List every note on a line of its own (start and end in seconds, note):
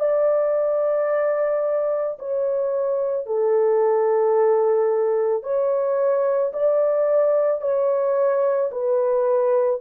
0.00 2.18 D5
2.19 3.26 C#5
3.26 5.43 A4
5.43 6.52 C#5
6.53 7.62 D5
7.62 8.71 C#5
8.72 9.81 B4